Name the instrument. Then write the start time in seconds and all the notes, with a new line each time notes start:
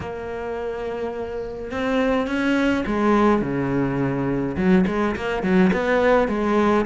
cello
0.00 A#3
1.71 C4
2.27 C#4
2.86 G#3
3.41 C#3
4.56 F#3
4.86 G#3
5.16 A#3
5.42 F#3
5.72 B3
6.28 G#3